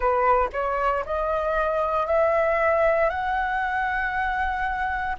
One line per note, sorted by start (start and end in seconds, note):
0.00 0.48 B4
0.52 1.04 C#5
1.05 2.06 D#5
2.06 3.09 E5
3.09 5.16 F#5